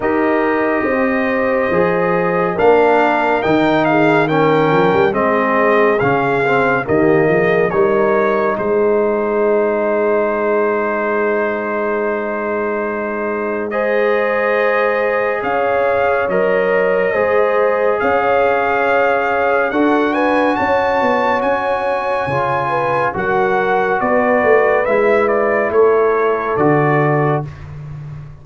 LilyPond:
<<
  \new Staff \with { instrumentName = "trumpet" } { \time 4/4 \tempo 4 = 70 dis''2. f''4 | g''8 f''8 g''4 dis''4 f''4 | dis''4 cis''4 c''2~ | c''1 |
dis''2 f''4 dis''4~ | dis''4 f''2 fis''8 gis''8 | a''4 gis''2 fis''4 | d''4 e''8 d''8 cis''4 d''4 | }
  \new Staff \with { instrumentName = "horn" } { \time 4/4 ais'4 c''2 ais'4~ | ais'8 gis'8 ais'4 gis'2 | g'8 gis'8 ais'4 gis'2~ | gis'1 |
c''2 cis''2 | c''4 cis''2 a'8 b'8 | cis''2~ cis''8 b'8 ais'4 | b'2 a'2 | }
  \new Staff \with { instrumentName = "trombone" } { \time 4/4 g'2 gis'4 d'4 | dis'4 cis'4 c'4 cis'8 c'8 | ais4 dis'2.~ | dis'1 |
gis'2. ais'4 | gis'2. fis'4~ | fis'2 f'4 fis'4~ | fis'4 e'2 fis'4 | }
  \new Staff \with { instrumentName = "tuba" } { \time 4/4 dis'4 c'4 f4 ais4 | dis4. f16 g16 gis4 cis4 | dis8 f8 g4 gis2~ | gis1~ |
gis2 cis'4 fis4 | gis4 cis'2 d'4 | cis'8 b8 cis'4 cis4 fis4 | b8 a8 gis4 a4 d4 | }
>>